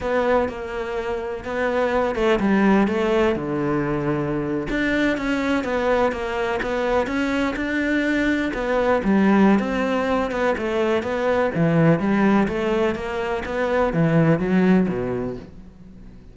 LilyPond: \new Staff \with { instrumentName = "cello" } { \time 4/4 \tempo 4 = 125 b4 ais2 b4~ | b8 a8 g4 a4 d4~ | d4.~ d16 d'4 cis'4 b16~ | b8. ais4 b4 cis'4 d'16~ |
d'4.~ d'16 b4 g4~ g16 | c'4. b8 a4 b4 | e4 g4 a4 ais4 | b4 e4 fis4 b,4 | }